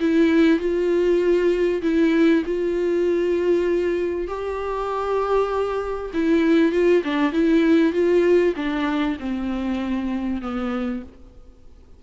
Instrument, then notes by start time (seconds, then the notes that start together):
viola
0.00 E4
0.59 F4
1.82 E4
2.45 F4
4.27 G4
6.13 E4
6.72 F4
7.04 D4
7.32 E4
7.93 F4
8.56 D4
9.19 C4
10.42 B3